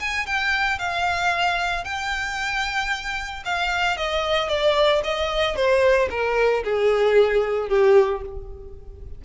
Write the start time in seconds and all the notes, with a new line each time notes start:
0.00 G#5
0.27 G5
0.79 F5
1.85 G5
3.45 F5
3.98 D#5
4.49 D5
5.04 D#5
5.56 C5
6.11 A#4
6.64 G#4
7.69 G4